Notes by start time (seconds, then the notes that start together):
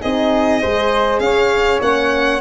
0.00 C4 D#4 G#4 D#5
0.61 G#3 G#4 C5
1.19 C#4 C#5 F5
1.80 A#3 C#4 F#5